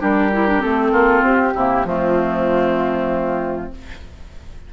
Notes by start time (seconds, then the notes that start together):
0.00 G3 D4 G4 A#4
0.32 E4
0.48 D4
0.60 A3 C4 A4
0.92 A#3 F4
1.23 C4 G4
1.55 C3 A#3 E4
1.85 F3 A3 C4 F4